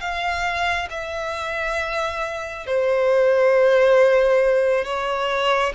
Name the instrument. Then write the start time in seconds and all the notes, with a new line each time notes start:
violin
0.00 F5
0.90 E5
2.67 C5
4.84 C#5